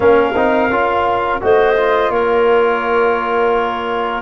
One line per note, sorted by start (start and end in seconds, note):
0.00 0.34 A#3
0.00 0.34 C#4
0.00 1.42 A#4
0.00 1.39 F5
0.35 0.70 C4
0.35 0.71 D#4
0.70 1.41 C#4
0.70 1.40 F4
1.40 2.10 A3
1.40 1.76 F#4
1.40 2.12 C5
1.40 2.10 D#5
1.76 4.21 F4
2.10 4.21 A#3
2.10 4.21 A#4
2.10 4.21 C#5